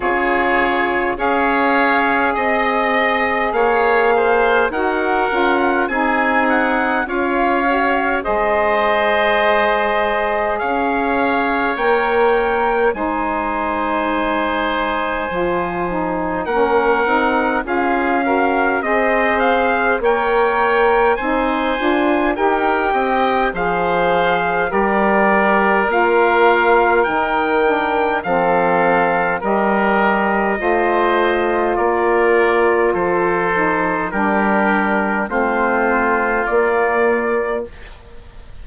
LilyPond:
<<
  \new Staff \with { instrumentName = "trumpet" } { \time 4/4 \tempo 4 = 51 cis''4 f''4 dis''4 f''4 | fis''4 gis''8 fis''8 f''4 dis''4~ | dis''4 f''4 g''4 gis''4~ | gis''2 fis''4 f''4 |
dis''8 f''8 g''4 gis''4 g''4 | f''4 d''4 f''4 g''4 | f''4 dis''2 d''4 | c''4 ais'4 c''4 d''4 | }
  \new Staff \with { instrumentName = "oboe" } { \time 4/4 gis'4 cis''4 dis''4 cis''8 c''8 | ais'4 gis'4 cis''4 c''4~ | c''4 cis''2 c''4~ | c''2 ais'4 gis'8 ais'8 |
c''4 cis''4 c''4 ais'8 dis''8 | c''4 ais'2. | a'4 ais'4 c''4 ais'4 | a'4 g'4 f'2 | }
  \new Staff \with { instrumentName = "saxophone" } { \time 4/4 f'4 gis'2. | fis'8 f'8 dis'4 f'8 fis'8 gis'4~ | gis'2 ais'4 dis'4~ | dis'4 f'8 dis'8 cis'8 dis'8 f'8 fis'8 |
gis'4 ais'4 dis'8 f'8 g'4 | gis'4 g'4 f'4 dis'8 d'8 | c'4 g'4 f'2~ | f'8 dis'8 d'4 c'4 ais4 | }
  \new Staff \with { instrumentName = "bassoon" } { \time 4/4 cis4 cis'4 c'4 ais4 | dis'8 cis'8 c'4 cis'4 gis4~ | gis4 cis'4 ais4 gis4~ | gis4 f4 ais8 c'8 cis'4 |
c'4 ais4 c'8 d'8 dis'8 c'8 | f4 g4 ais4 dis4 | f4 g4 a4 ais4 | f4 g4 a4 ais4 | }
>>